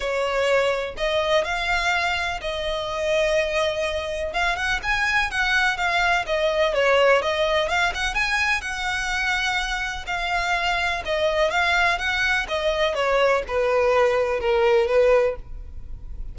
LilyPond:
\new Staff \with { instrumentName = "violin" } { \time 4/4 \tempo 4 = 125 cis''2 dis''4 f''4~ | f''4 dis''2.~ | dis''4 f''8 fis''8 gis''4 fis''4 | f''4 dis''4 cis''4 dis''4 |
f''8 fis''8 gis''4 fis''2~ | fis''4 f''2 dis''4 | f''4 fis''4 dis''4 cis''4 | b'2 ais'4 b'4 | }